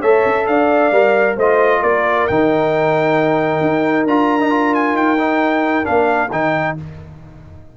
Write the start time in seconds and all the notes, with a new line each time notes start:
0.00 A3 A4 C#5 E5
0.25 C#4
0.47 D4 D5 F5
0.91 G3 A#4
1.36 A3 F4 C5 D#5
1.81 A#3 A#4 D5
2.27 D#3 D#4 G5
3.60 D#4
4.04 D4 F4 A#5
4.40 D#4
4.50 F4
4.74 G#5
4.93 D#4 G5
5.18 D#4
5.83 A#3 D4 F5
6.31 D#3 D#4 G5